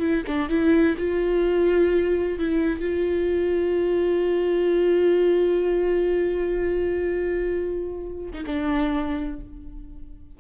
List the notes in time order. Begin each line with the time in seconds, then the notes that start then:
0.00 E4
0.27 D4
0.49 E4
0.98 F4
2.39 E4
2.81 F4
8.33 D#4
8.46 D4